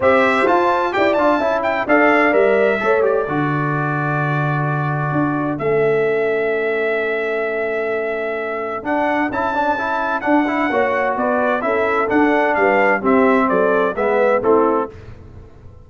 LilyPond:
<<
  \new Staff \with { instrumentName = "trumpet" } { \time 4/4 \tempo 4 = 129 e''4 a''4 g''8 a''4 g''8 | f''4 e''4. d''4.~ | d''1 | e''1~ |
e''2. fis''4 | a''2 fis''2 | d''4 e''4 fis''4 f''4 | e''4 d''4 e''4 a'4 | }
  \new Staff \with { instrumentName = "horn" } { \time 4/4 c''2 d''4 e''4 | d''2 cis''4 a'4~ | a'1~ | a'1~ |
a'1~ | a'2. cis''4 | b'4 a'2 b'4 | g'4 a'4 b'4 e'4 | }
  \new Staff \with { instrumentName = "trombone" } { \time 4/4 g'4 f'4 g'8 f'8 e'4 | a'4 ais'4 a'8 g'8 fis'4~ | fis'1 | cis'1~ |
cis'2. d'4 | e'8 d'8 e'4 d'8 e'8 fis'4~ | fis'4 e'4 d'2 | c'2 b4 c'4 | }
  \new Staff \with { instrumentName = "tuba" } { \time 4/4 c'4 f'4 e'8 d'8 cis'4 | d'4 g4 a4 d4~ | d2. d'4 | a1~ |
a2. d'4 | cis'2 d'4 ais4 | b4 cis'4 d'4 g4 | c'4 fis4 gis4 a4 | }
>>